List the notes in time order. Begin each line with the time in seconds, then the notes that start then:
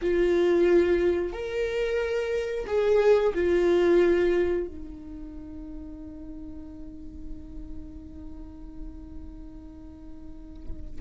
0.01 F4
1.32 A#4
2.66 G#4
3.34 F4
4.67 D#4